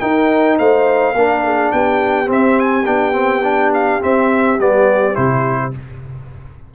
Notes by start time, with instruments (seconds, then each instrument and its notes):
0.00 trombone D#4, tuba D#4, horn A#4, trumpet G5
0.58 tuba A3, horn C5, trumpet F5
1.14 tuba A#3, trombone D4, horn A#4
1.45 horn G#4
1.72 tuba B3, horn G4, trumpet G5
2.26 trombone C4, tuba C4
2.32 trumpet E5
2.60 trumpet G#5
2.85 tuba B3, trombone D4, trumpet G5
3.13 trombone C4
3.43 trombone D4
3.74 trumpet F5
4.01 trombone C4, tuba C4, trumpet E5
4.59 tuba G3, trombone B3, trumpet D5
5.14 tuba C3, trombone E4, trumpet C5